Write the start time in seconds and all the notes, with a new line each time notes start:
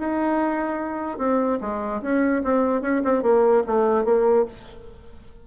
0.00 D#4
1.19 C4
1.61 G#3
2.02 C#4
2.44 C4
2.82 C#4
3.05 C4
3.23 A#3
3.67 A3
4.05 A#3